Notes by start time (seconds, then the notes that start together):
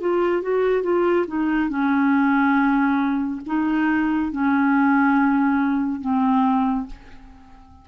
0.00 F4
0.42 F#4
0.83 F4
1.27 D#4
1.69 C#4
3.46 D#4
4.31 C#4
6.00 C4